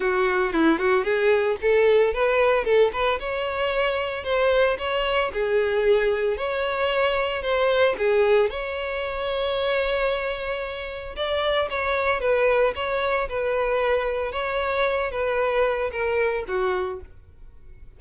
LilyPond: \new Staff \with { instrumentName = "violin" } { \time 4/4 \tempo 4 = 113 fis'4 e'8 fis'8 gis'4 a'4 | b'4 a'8 b'8 cis''2 | c''4 cis''4 gis'2 | cis''2 c''4 gis'4 |
cis''1~ | cis''4 d''4 cis''4 b'4 | cis''4 b'2 cis''4~ | cis''8 b'4. ais'4 fis'4 | }